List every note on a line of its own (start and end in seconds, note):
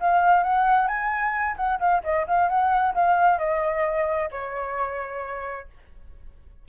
0.00 0.43 F5
0.43 0.88 F#5
0.88 1.56 G#5
1.57 1.79 F#5
1.80 2.02 F5
2.04 2.26 D#5
2.27 2.49 F5
2.49 2.94 F#5
2.94 3.38 F5
3.38 4.29 D#5
4.31 5.68 C#5